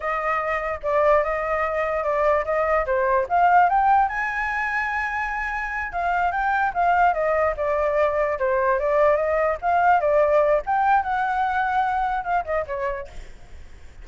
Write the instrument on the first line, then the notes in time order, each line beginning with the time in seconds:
flute
0.00 D#5
0.83 D5
1.23 D#5
2.03 D5
2.44 D#5
2.86 C5
3.28 F5
3.69 G5
4.08 G#5
5.92 F5
6.31 G5
6.73 F5
7.13 D#5
7.57 D5
8.38 C5
8.79 D5
9.16 D#5
9.61 F5
10.00 D5
10.65 G5
11.03 F#5
12.24 F5
12.45 D#5
12.66 C#5